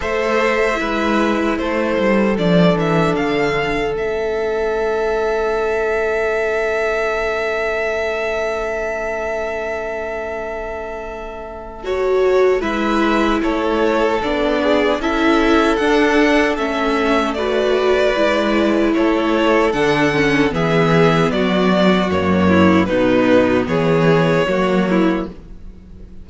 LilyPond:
<<
  \new Staff \with { instrumentName = "violin" } { \time 4/4 \tempo 4 = 76 e''2 c''4 d''8 e''8 | f''4 e''2.~ | e''1~ | e''2. cis''4 |
e''4 cis''4 d''4 e''4 | fis''4 e''4 d''2 | cis''4 fis''4 e''4 d''4 | cis''4 b'4 cis''2 | }
  \new Staff \with { instrumentName = "violin" } { \time 4/4 c''4 b'4 a'2~ | a'1~ | a'1~ | a'1 |
b'4 a'4. gis'8 a'4~ | a'2 b'2 | a'2 gis'4 fis'4~ | fis'8 e'8 dis'4 gis'4 fis'8 e'8 | }
  \new Staff \with { instrumentName = "viola" } { \time 4/4 a'4 e'2 d'4~ | d'4 cis'2.~ | cis'1~ | cis'2. fis'4 |
e'2 d'4 e'4 | d'4 cis'4 fis'4 e'4~ | e'4 d'8 cis'8 b2 | ais4 b2 ais4 | }
  \new Staff \with { instrumentName = "cello" } { \time 4/4 a4 gis4 a8 g8 f8 e8 | d4 a2.~ | a1~ | a1 |
gis4 a4 b4 cis'4 | d'4 a2 gis4 | a4 d4 e4 fis4 | fis,4 b,4 e4 fis4 | }
>>